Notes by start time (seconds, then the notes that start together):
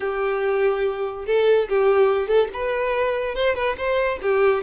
0.00 G4
1.26 A4
1.68 G4
2.27 A4
2.53 B4
3.35 C5
3.55 B4
3.77 C5
4.22 G4